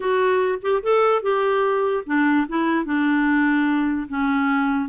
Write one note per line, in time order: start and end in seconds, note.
0.00 0.58 F#4
0.62 0.82 G4
0.82 1.22 A4
1.22 2.04 G4
2.06 2.47 D4
2.48 2.85 E4
2.85 4.07 D4
4.08 4.89 C#4